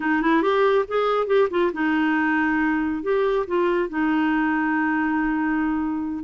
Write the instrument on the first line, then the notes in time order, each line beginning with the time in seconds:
clarinet
0.00 D#4
0.22 E4
0.42 G4
0.88 G#4
1.27 G4
1.50 F4
1.73 D#4
3.02 G4
3.47 F4
3.89 D#4